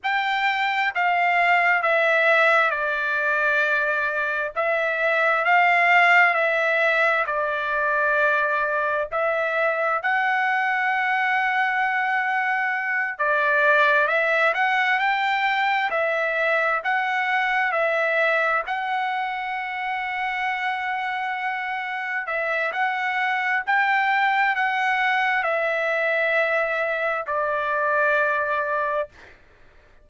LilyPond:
\new Staff \with { instrumentName = "trumpet" } { \time 4/4 \tempo 4 = 66 g''4 f''4 e''4 d''4~ | d''4 e''4 f''4 e''4 | d''2 e''4 fis''4~ | fis''2~ fis''8 d''4 e''8 |
fis''8 g''4 e''4 fis''4 e''8~ | e''8 fis''2.~ fis''8~ | fis''8 e''8 fis''4 g''4 fis''4 | e''2 d''2 | }